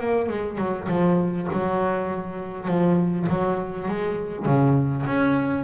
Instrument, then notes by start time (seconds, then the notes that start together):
double bass
0.00 A#3
0.28 G#3
0.58 F#3
0.88 F3
1.52 F#3
2.67 F3
3.29 F#3
3.88 G#3
4.45 C#3
5.06 C#4